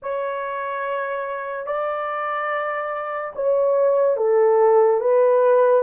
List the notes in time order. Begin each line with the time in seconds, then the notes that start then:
0.02 C#5
1.66 D5
3.35 C#5
4.17 A4
5.00 B4